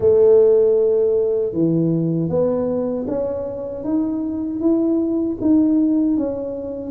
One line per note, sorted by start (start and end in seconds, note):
0.00 1.52 A3
1.52 2.29 E3
2.29 3.06 B3
3.07 3.84 C#4
3.84 4.60 D#4
4.60 5.37 E4
5.40 6.17 D#4
6.17 6.90 C#4